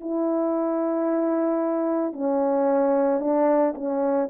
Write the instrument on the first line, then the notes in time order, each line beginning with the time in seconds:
horn
0.00 E4
2.13 C#4
3.20 D4
3.75 C#4